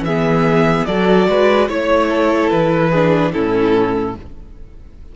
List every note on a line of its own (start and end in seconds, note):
0.00 0.82 E3
0.00 0.87 G#4
0.00 0.85 E5
0.07 0.87 B3
0.85 1.28 F#3
0.85 1.69 F#4
0.85 1.28 A4
0.85 1.67 D5
1.28 1.68 G#3
1.28 1.68 B4
1.68 2.51 A3
1.68 2.92 E4
1.68 2.09 C#5
1.68 2.49 C#5
2.09 2.90 A4
2.49 3.33 E3
2.49 3.32 B4
2.90 3.33 D4
2.90 3.31 G#4
3.33 4.16 A2
3.33 4.15 C#4
3.33 4.15 E4
3.33 4.15 A4